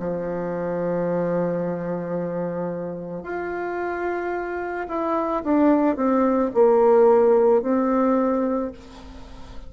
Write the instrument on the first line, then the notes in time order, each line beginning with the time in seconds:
bassoon
0.00 F3
3.24 F4
4.88 E4
5.44 D4
5.97 C4
6.54 A#3
7.63 C4